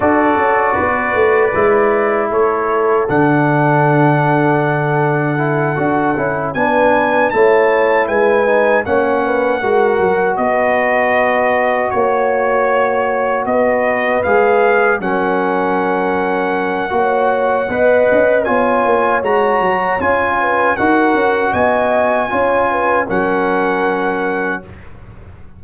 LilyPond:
<<
  \new Staff \with { instrumentName = "trumpet" } { \time 4/4 \tempo 4 = 78 d''2. cis''4 | fis''1~ | fis''8 gis''4 a''4 gis''4 fis''8~ | fis''4. dis''2 cis''8~ |
cis''4. dis''4 f''4 fis''8~ | fis''1 | gis''4 ais''4 gis''4 fis''4 | gis''2 fis''2 | }
  \new Staff \with { instrumentName = "horn" } { \time 4/4 a'4 b'2 a'4~ | a'1~ | a'8 b'4 cis''4 b'4 cis''8 | b'8 ais'4 b'2 cis''8~ |
cis''4. b'2 ais'8~ | ais'2 cis''4 dis''4 | cis''2~ cis''8 b'8 ais'4 | dis''4 cis''8 b'8 ais'2 | }
  \new Staff \with { instrumentName = "trombone" } { \time 4/4 fis'2 e'2 | d'2. e'8 fis'8 | e'8 d'4 e'4. dis'8 cis'8~ | cis'8 fis'2.~ fis'8~ |
fis'2~ fis'8 gis'4 cis'8~ | cis'2 fis'4 b'4 | f'4 fis'4 f'4 fis'4~ | fis'4 f'4 cis'2 | }
  \new Staff \with { instrumentName = "tuba" } { \time 4/4 d'8 cis'8 b8 a8 gis4 a4 | d2.~ d8 d'8 | cis'8 b4 a4 gis4 ais8~ | ais8 gis8 fis8 b2 ais8~ |
ais4. b4 gis4 fis8~ | fis2 ais4 b8 cis'8 | b8 ais8 gis8 fis8 cis'4 dis'8 cis'8 | b4 cis'4 fis2 | }
>>